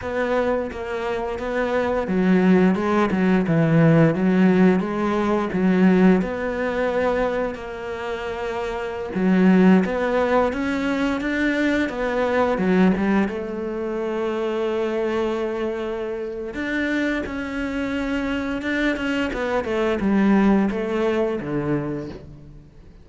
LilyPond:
\new Staff \with { instrumentName = "cello" } { \time 4/4 \tempo 4 = 87 b4 ais4 b4 fis4 | gis8 fis8 e4 fis4 gis4 | fis4 b2 ais4~ | ais4~ ais16 fis4 b4 cis'8.~ |
cis'16 d'4 b4 fis8 g8 a8.~ | a1 | d'4 cis'2 d'8 cis'8 | b8 a8 g4 a4 d4 | }